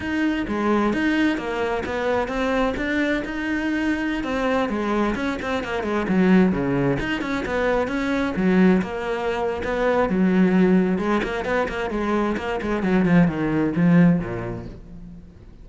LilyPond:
\new Staff \with { instrumentName = "cello" } { \time 4/4 \tempo 4 = 131 dis'4 gis4 dis'4 ais4 | b4 c'4 d'4 dis'4~ | dis'4~ dis'16 c'4 gis4 cis'8 c'16~ | c'16 ais8 gis8 fis4 cis4 dis'8 cis'16~ |
cis'16 b4 cis'4 fis4 ais8.~ | ais4 b4 fis2 | gis8 ais8 b8 ais8 gis4 ais8 gis8 | fis8 f8 dis4 f4 ais,4 | }